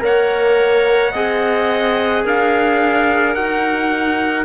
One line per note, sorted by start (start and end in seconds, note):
0.00 1.14 A#3
0.00 1.11 A#4
0.00 1.12 C#5
0.00 2.27 F#5
1.12 2.25 C4
1.12 3.37 G#4
1.12 2.23 D#5
2.24 3.35 D4
2.24 4.45 A#4
2.24 3.34 F5
3.34 4.45 D#4
3.34 4.45 F#4
3.34 4.45 F#5